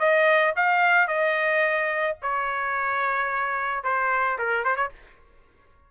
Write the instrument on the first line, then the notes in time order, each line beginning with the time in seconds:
trumpet
0.00 D#5
0.57 F5
1.08 D#5
2.23 C#5
3.84 C5
4.39 A#4
4.65 C5
4.77 C#5